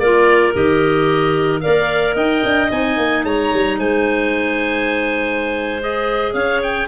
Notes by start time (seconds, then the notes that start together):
0.00 A#3 F4 A#4 D5
0.54 D#3 G4 D#5
1.61 A#3 A#4 D5 F5
2.15 D#4 D#5 G5
2.45 D4
2.70 C4 D#4 G#5
2.98 A#3
3.25 G#3 C#5 A#5
3.54 G3
3.79 G#3 C5 G#5
5.81 G#4 D#5
6.34 C#4 C#5 F5
6.63 G5